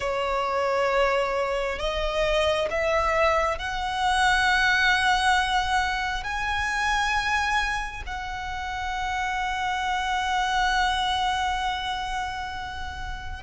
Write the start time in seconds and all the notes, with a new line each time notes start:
0.00 C#5
1.78 D#5
2.70 E5
3.58 F#5
6.23 G#5
8.06 F#5